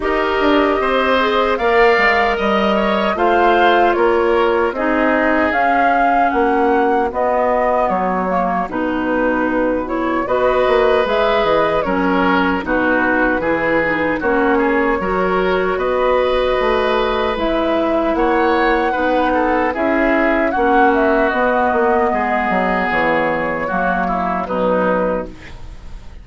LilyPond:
<<
  \new Staff \with { instrumentName = "flute" } { \time 4/4 \tempo 4 = 76 dis''2 f''4 dis''4 | f''4 cis''4 dis''4 f''4 | fis''4 dis''4 cis''4 b'4~ | b'8 cis''8 dis''4 e''8 dis''8 cis''4 |
b'2 cis''2 | dis''2 e''4 fis''4~ | fis''4 e''4 fis''8 e''8 dis''4~ | dis''4 cis''2 b'4 | }
  \new Staff \with { instrumentName = "oboe" } { \time 4/4 ais'4 c''4 d''4 dis''8 cis''8 | c''4 ais'4 gis'2 | fis'1~ | fis'4 b'2 ais'4 |
fis'4 gis'4 fis'8 gis'8 ais'4 | b'2. cis''4 | b'8 a'8 gis'4 fis'2 | gis'2 fis'8 e'8 dis'4 | }
  \new Staff \with { instrumentName = "clarinet" } { \time 4/4 g'4. gis'8 ais'2 | f'2 dis'4 cis'4~ | cis'4 b4. ais8 dis'4~ | dis'8 e'8 fis'4 gis'4 cis'4 |
dis'4 e'8 dis'8 cis'4 fis'4~ | fis'2 e'2 | dis'4 e'4 cis'4 b4~ | b2 ais4 fis4 | }
  \new Staff \with { instrumentName = "bassoon" } { \time 4/4 dis'8 d'8 c'4 ais8 gis8 g4 | a4 ais4 c'4 cis'4 | ais4 b4 fis4 b,4~ | b,4 b8 ais8 gis8 e8 fis4 |
b,4 e4 ais4 fis4 | b4 a4 gis4 ais4 | b4 cis'4 ais4 b8 ais8 | gis8 fis8 e4 fis4 b,4 | }
>>